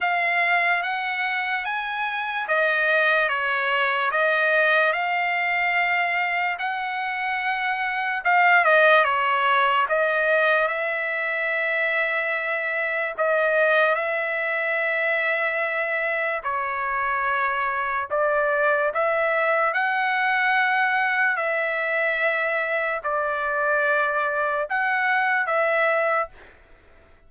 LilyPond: \new Staff \with { instrumentName = "trumpet" } { \time 4/4 \tempo 4 = 73 f''4 fis''4 gis''4 dis''4 | cis''4 dis''4 f''2 | fis''2 f''8 dis''8 cis''4 | dis''4 e''2. |
dis''4 e''2. | cis''2 d''4 e''4 | fis''2 e''2 | d''2 fis''4 e''4 | }